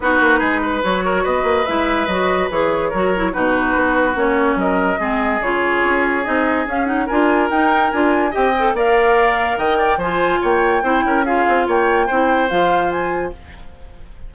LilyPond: <<
  \new Staff \with { instrumentName = "flute" } { \time 4/4 \tempo 4 = 144 b'2 cis''4 dis''4 | e''4 dis''4 cis''2 | b'2 cis''4 dis''4~ | dis''4 cis''2 dis''4 |
f''8 fis''8 gis''4 g''4 gis''4 | g''4 f''2 g''4 | gis''4 g''2 f''4 | g''2 f''4 gis''4 | }
  \new Staff \with { instrumentName = "oboe" } { \time 4/4 fis'4 gis'8 b'4 ais'8 b'4~ | b'2. ais'4 | fis'2. ais'4 | gis'1~ |
gis'4 ais'2. | dis''4 d''2 dis''8 d''8 | c''4 cis''4 c''8 ais'8 gis'4 | cis''4 c''2. | }
  \new Staff \with { instrumentName = "clarinet" } { \time 4/4 dis'2 fis'2 | e'4 fis'4 gis'4 fis'8 e'8 | dis'2 cis'2 | c'4 f'2 dis'4 |
cis'8 dis'8 f'4 dis'4 f'4 | g'8 a'8 ais'2. | f'2 e'4 f'4~ | f'4 e'4 f'2 | }
  \new Staff \with { instrumentName = "bassoon" } { \time 4/4 b8 ais8 gis4 fis4 b8 ais8 | gis4 fis4 e4 fis4 | b,4 b4 ais4 fis4 | gis4 cis4 cis'4 c'4 |
cis'4 d'4 dis'4 d'4 | c'4 ais2 dis4 | f4 ais4 c'8 cis'4 c'8 | ais4 c'4 f2 | }
>>